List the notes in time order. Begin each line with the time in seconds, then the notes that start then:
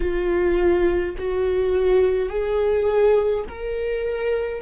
0.00 F4
1.17 F#4
2.29 G#4
3.49 A#4